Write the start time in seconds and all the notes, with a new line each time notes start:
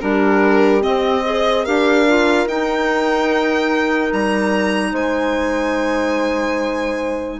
0.00 G3 D4 G4 A#4
0.81 C4 D#5
1.24 G#4 C5
1.63 D4 G4 A#4 F5
2.08 F4
2.46 D#4 G5
4.12 G3 A#5
4.91 G#3 C5 G#5